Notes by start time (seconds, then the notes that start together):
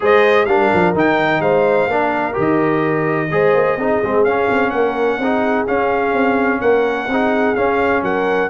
0.00 G#3 G#4 C5 D#5
0.45 G3 D4 A#4 F5
0.73 F3
0.94 D#3 D#4 G5
1.40 G#3 C5 F5
1.87 A#3 D4 A#4
2.33 D#3 G4
2.40 D#5
3.31 G#3 G#4 C5
3.54 A#3
3.76 C4 D#4 G#4
4.03 G#3 C4
4.24 C#4 F5
4.50 C4
4.70 A#3 A#4 F#5
5.18 C4 D#4 G#4
5.67 C#4 F5
6.13 C4
6.60 A#3 A#4 F#5
7.07 C4 D#4 G#4
7.55 C#4 F5
8.02 F#3 A#4 F#5